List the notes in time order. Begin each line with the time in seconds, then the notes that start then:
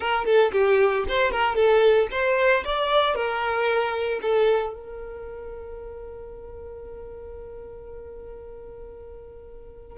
0.00 A#4
0.25 A4
0.52 G4
1.08 C5
1.31 A#4
1.55 A4
2.11 C5
2.64 D5
3.14 A#4
4.22 A4
4.74 A#4